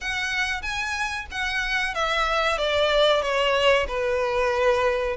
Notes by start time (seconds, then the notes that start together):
0.01 F#5
0.62 G#5
1.31 F#5
1.94 E5
2.58 D5
3.22 C#5
3.87 B4